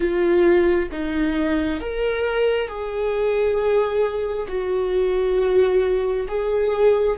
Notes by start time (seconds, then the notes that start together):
0.00 F4
0.91 D#4
1.80 A#4
2.67 G#4
4.48 F#4
6.27 G#4